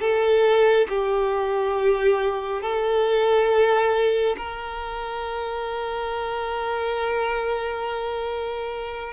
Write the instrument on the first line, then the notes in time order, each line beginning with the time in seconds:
violin
0.00 A4
0.89 G4
2.62 A4
4.37 A#4